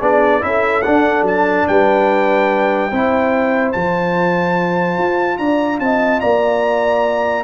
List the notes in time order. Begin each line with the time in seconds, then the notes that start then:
0.00 B3 D4 G#4 D5
0.41 C#4 E4 A4 E5
0.82 D4 F#5
1.22 F#3 A5
1.67 G3 B4 G5
2.90 C4 E4 C5
3.72 F3 F4 A5
4.98 F4
5.37 D4 D5 A#5
5.79 C4 D#5 A5
6.20 A#3 D5 A#5